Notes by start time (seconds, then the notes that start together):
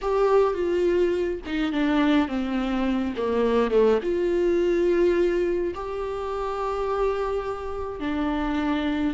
0.01 G4
0.54 F4
1.46 D#4
1.72 D4
2.28 C4
3.17 A#3
3.71 A3
4.02 F4
5.74 G4
8.00 D4